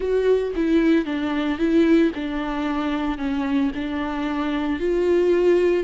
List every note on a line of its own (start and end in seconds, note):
0.00 0.53 F#4
0.55 1.05 E4
1.05 1.58 D4
1.58 2.11 E4
2.14 3.18 D4
3.18 3.71 C#4
3.75 4.79 D4
4.79 5.83 F4